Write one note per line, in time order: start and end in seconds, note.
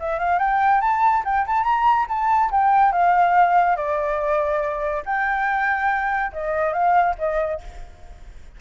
0.00 0.19 E5
0.19 0.39 F5
0.39 0.81 G5
0.81 1.24 A5
1.25 1.46 G5
1.47 1.64 A5
1.64 2.06 A#5
2.09 2.51 A5
2.51 2.93 G5
2.93 3.77 F5
3.77 5.03 D5
5.06 6.33 G5
6.33 6.73 D#5
6.73 7.16 F5
7.19 7.61 D#5